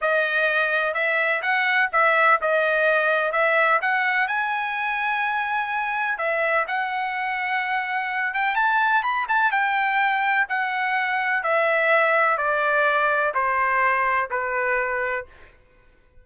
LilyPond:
\new Staff \with { instrumentName = "trumpet" } { \time 4/4 \tempo 4 = 126 dis''2 e''4 fis''4 | e''4 dis''2 e''4 | fis''4 gis''2.~ | gis''4 e''4 fis''2~ |
fis''4. g''8 a''4 b''8 a''8 | g''2 fis''2 | e''2 d''2 | c''2 b'2 | }